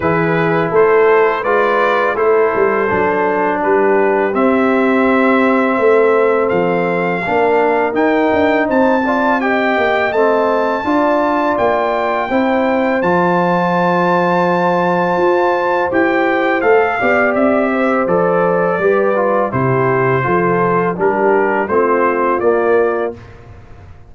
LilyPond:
<<
  \new Staff \with { instrumentName = "trumpet" } { \time 4/4 \tempo 4 = 83 b'4 c''4 d''4 c''4~ | c''4 b'4 e''2~ | e''4 f''2 g''4 | a''4 g''4 a''2 |
g''2 a''2~ | a''2 g''4 f''4 | e''4 d''2 c''4~ | c''4 ais'4 c''4 d''4 | }
  \new Staff \with { instrumentName = "horn" } { \time 4/4 gis'4 a'4 b'4 a'4~ | a'4 g'2. | a'2 ais'2 | c''8 d''8 dis''2 d''4~ |
d''4 c''2.~ | c''2.~ c''8 d''8~ | d''8 c''4. b'4 g'4 | a'4 g'4 f'2 | }
  \new Staff \with { instrumentName = "trombone" } { \time 4/4 e'2 f'4 e'4 | d'2 c'2~ | c'2 d'4 dis'4~ | dis'8 f'8 g'4 c'4 f'4~ |
f'4 e'4 f'2~ | f'2 g'4 a'8 g'8~ | g'4 a'4 g'8 f'8 e'4 | f'4 d'4 c'4 ais4 | }
  \new Staff \with { instrumentName = "tuba" } { \time 4/4 e4 a4 gis4 a8 g8 | fis4 g4 c'2 | a4 f4 ais4 dis'8 d'8 | c'4. ais8 a4 d'4 |
ais4 c'4 f2~ | f4 f'4 e'4 a8 b8 | c'4 f4 g4 c4 | f4 g4 a4 ais4 | }
>>